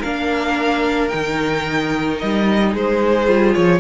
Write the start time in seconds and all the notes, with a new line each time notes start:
0.00 A#3 D4 A#4 F5
1.09 D#3 D#4 G5
2.19 G3 D#5
2.72 G#3 G#4 C5
3.27 G3 F4
3.55 F3 C#5